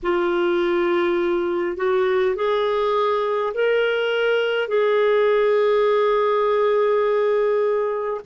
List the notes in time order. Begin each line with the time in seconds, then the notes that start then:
0.02 F4
1.76 F#4
2.35 G#4
3.53 A#4
4.67 G#4